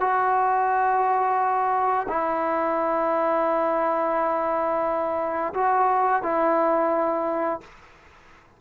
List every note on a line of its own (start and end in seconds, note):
0.00 2.07 F#4
2.08 5.53 E4
5.54 6.23 F#4
6.23 7.61 E4